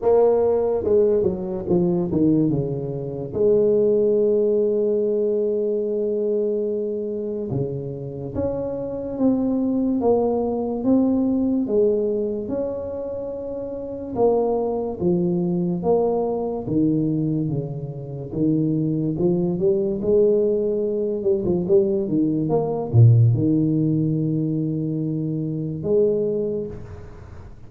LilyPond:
\new Staff \with { instrumentName = "tuba" } { \time 4/4 \tempo 4 = 72 ais4 gis8 fis8 f8 dis8 cis4 | gis1~ | gis4 cis4 cis'4 c'4 | ais4 c'4 gis4 cis'4~ |
cis'4 ais4 f4 ais4 | dis4 cis4 dis4 f8 g8 | gis4. g16 f16 g8 dis8 ais8 ais,8 | dis2. gis4 | }